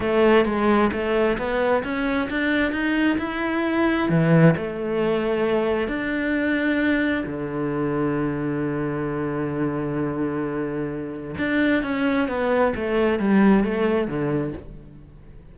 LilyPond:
\new Staff \with { instrumentName = "cello" } { \time 4/4 \tempo 4 = 132 a4 gis4 a4 b4 | cis'4 d'4 dis'4 e'4~ | e'4 e4 a2~ | a4 d'2. |
d1~ | d1~ | d4 d'4 cis'4 b4 | a4 g4 a4 d4 | }